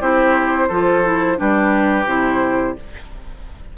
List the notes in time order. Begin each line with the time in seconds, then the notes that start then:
0.00 C4 E4 G4 C5
0.68 F3 F4 A4
1.04 E4
1.36 G3 D4 G4 B4
2.05 C3 E4 C5